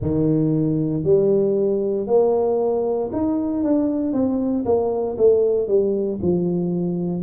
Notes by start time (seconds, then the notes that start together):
0.01 D#3
1.03 G3
2.06 A#3
3.12 D#4
3.63 D4
4.12 C4
4.65 A#3
5.17 A3
5.67 G3
6.22 F3